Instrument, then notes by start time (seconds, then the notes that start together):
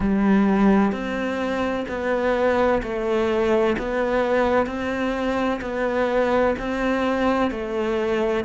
cello
0.00 G3
0.92 C4
1.88 B3
2.82 A3
3.78 B3
4.66 C4
5.61 B3
6.58 C4
7.50 A3